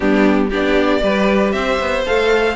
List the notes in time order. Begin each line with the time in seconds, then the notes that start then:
0.00 G3 B3 D4 G4
0.50 B3 D4 G4 D5
1.01 G3 G4 B4
1.51 C4 C5 E5
1.79 B3
2.06 A3 A4 F5